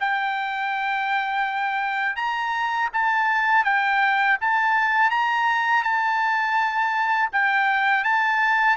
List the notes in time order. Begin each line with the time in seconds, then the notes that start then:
0.00 G5
2.16 A#5
2.93 A5
3.65 G5
4.41 A5
5.11 A#5
5.83 A5
7.32 G5
8.04 A5